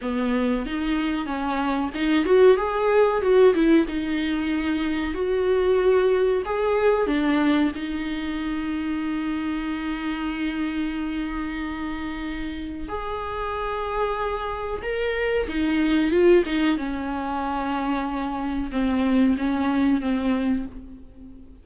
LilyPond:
\new Staff \with { instrumentName = "viola" } { \time 4/4 \tempo 4 = 93 b4 dis'4 cis'4 dis'8 fis'8 | gis'4 fis'8 e'8 dis'2 | fis'2 gis'4 d'4 | dis'1~ |
dis'1 | gis'2. ais'4 | dis'4 f'8 dis'8 cis'2~ | cis'4 c'4 cis'4 c'4 | }